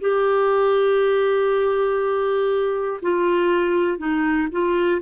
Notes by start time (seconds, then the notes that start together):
0.00 G4
3.02 F4
3.98 D#4
4.51 F4